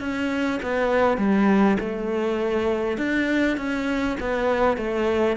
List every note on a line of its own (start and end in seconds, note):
0.00 0.60 C#4
0.62 1.17 B3
1.17 1.77 G3
1.80 2.98 A3
2.98 3.57 D4
3.57 4.17 C#4
4.20 4.77 B3
4.77 5.36 A3